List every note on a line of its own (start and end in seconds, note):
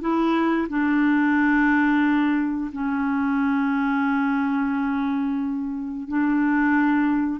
0.00 0.67 E4
0.68 2.71 D4
2.72 6.08 C#4
6.08 7.40 D4